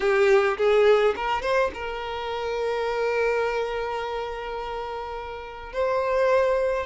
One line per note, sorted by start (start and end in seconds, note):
0.00 0.57 G4
0.57 1.14 G#4
1.16 1.42 A#4
1.42 1.70 C5
1.74 5.72 A#4
5.72 6.85 C5